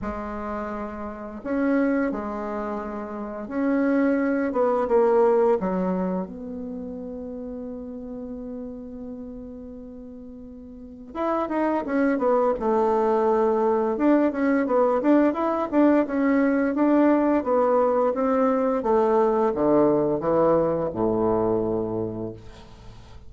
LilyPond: \new Staff \with { instrumentName = "bassoon" } { \time 4/4 \tempo 4 = 86 gis2 cis'4 gis4~ | gis4 cis'4. b8 ais4 | fis4 b2.~ | b1 |
e'8 dis'8 cis'8 b8 a2 | d'8 cis'8 b8 d'8 e'8 d'8 cis'4 | d'4 b4 c'4 a4 | d4 e4 a,2 | }